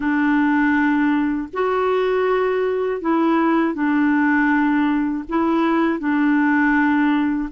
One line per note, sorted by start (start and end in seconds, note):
0.00 1.48 D4
1.53 3.01 F#4
3.01 3.73 E4
3.73 5.23 D4
5.28 5.99 E4
5.99 7.49 D4